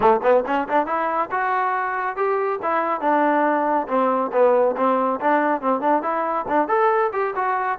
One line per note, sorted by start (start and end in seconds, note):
0.00 0.20 A3
0.22 0.44 B3
0.46 0.68 C#4
0.68 0.86 D4
0.86 1.29 E4
1.31 2.16 F#4
2.16 2.59 G4
2.62 3.00 E4
3.00 3.87 D4
3.88 4.31 C4
4.32 4.75 B3
4.76 5.19 C4
5.20 5.61 D4
5.61 5.81 C4
5.81 6.02 D4
6.02 6.45 E4
6.48 6.67 D4
6.67 7.11 A4
7.13 7.34 G4
7.35 7.78 F#4